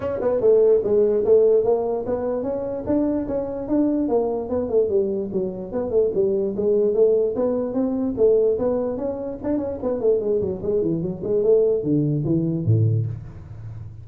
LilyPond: \new Staff \with { instrumentName = "tuba" } { \time 4/4 \tempo 4 = 147 cis'8 b8 a4 gis4 a4 | ais4 b4 cis'4 d'4 | cis'4 d'4 ais4 b8 a8 | g4 fis4 b8 a8 g4 |
gis4 a4 b4 c'4 | a4 b4 cis'4 d'8 cis'8 | b8 a8 gis8 fis8 gis8 e8 fis8 gis8 | a4 d4 e4 a,4 | }